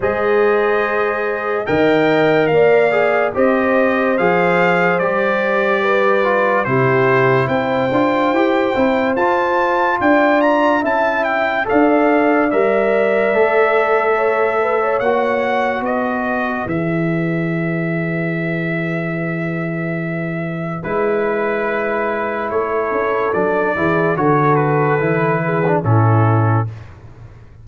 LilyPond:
<<
  \new Staff \with { instrumentName = "trumpet" } { \time 4/4 \tempo 4 = 72 dis''2 g''4 f''4 | dis''4 f''4 d''2 | c''4 g''2 a''4 | g''8 ais''8 a''8 g''8 f''4 e''4~ |
e''2 fis''4 dis''4 | e''1~ | e''4 b'2 cis''4 | d''4 cis''8 b'4. a'4 | }
  \new Staff \with { instrumentName = "horn" } { \time 4/4 c''2 dis''4 d''4 | c''2. b'4 | g'4 c''2. | d''4 e''4 d''2~ |
d''4 cis''8 b'16 cis''4~ cis''16 b'4~ | b'1~ | b'2. a'4~ | a'8 gis'8 a'4. gis'8 e'4 | }
  \new Staff \with { instrumentName = "trombone" } { \time 4/4 gis'2 ais'4. gis'8 | g'4 gis'4 g'4. f'8 | e'4. f'8 g'8 e'8 f'4~ | f'4 e'4 a'4 ais'4 |
a'2 fis'2 | gis'1~ | gis'4 e'2. | d'8 e'8 fis'4 e'8. d'16 cis'4 | }
  \new Staff \with { instrumentName = "tuba" } { \time 4/4 gis2 dis4 ais4 | c'4 f4 g2 | c4 c'8 d'8 e'8 c'8 f'4 | d'4 cis'4 d'4 g4 |
a2 ais4 b4 | e1~ | e4 gis2 a8 cis'8 | fis8 e8 d4 e4 a,4 | }
>>